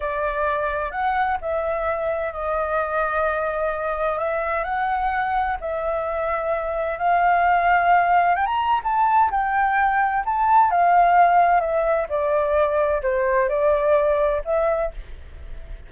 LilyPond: \new Staff \with { instrumentName = "flute" } { \time 4/4 \tempo 4 = 129 d''2 fis''4 e''4~ | e''4 dis''2.~ | dis''4 e''4 fis''2 | e''2. f''4~ |
f''2 g''16 ais''8. a''4 | g''2 a''4 f''4~ | f''4 e''4 d''2 | c''4 d''2 e''4 | }